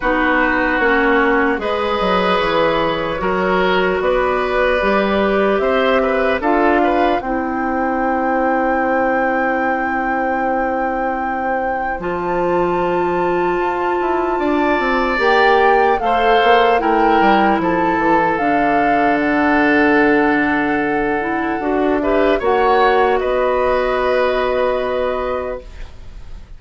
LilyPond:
<<
  \new Staff \with { instrumentName = "flute" } { \time 4/4 \tempo 4 = 75 b'4 cis''4 dis''4 cis''4~ | cis''4 d''2 e''4 | f''4 g''2.~ | g''2. a''4~ |
a''2. g''4 | f''4 g''4 a''4 f''4 | fis''2.~ fis''8 e''8 | fis''4 dis''2. | }
  \new Staff \with { instrumentName = "oboe" } { \time 4/4 fis'2 b'2 | ais'4 b'2 c''8 b'8 | a'8 b'8 c''2.~ | c''1~ |
c''2 d''2 | c''4 ais'4 a'2~ | a'2.~ a'8 b'8 | cis''4 b'2. | }
  \new Staff \with { instrumentName = "clarinet" } { \time 4/4 dis'4 cis'4 gis'2 | fis'2 g'2 | f'4 e'2.~ | e'2. f'4~ |
f'2. g'4 | a'4 e'2 d'4~ | d'2~ d'8 e'8 fis'8 g'8 | fis'1 | }
  \new Staff \with { instrumentName = "bassoon" } { \time 4/4 b4 ais4 gis8 fis8 e4 | fis4 b4 g4 c'4 | d'4 c'2.~ | c'2. f4~ |
f4 f'8 e'8 d'8 c'8 ais4 | a8 ais8 a8 g8 f8 e8 d4~ | d2. d'4 | ais4 b2. | }
>>